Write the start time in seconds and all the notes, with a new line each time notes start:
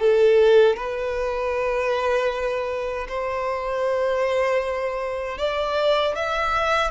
0.00 A4
0.77 B4
3.09 C5
5.38 D5
6.16 E5